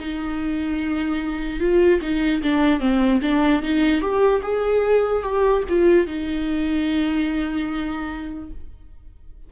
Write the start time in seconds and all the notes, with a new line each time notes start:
0.00 D#4
1.60 F4
2.02 D#4
2.43 D4
2.80 C4
3.22 D4
3.63 D#4
4.01 G4
4.43 G#4
5.23 G4
5.69 F4
6.07 D#4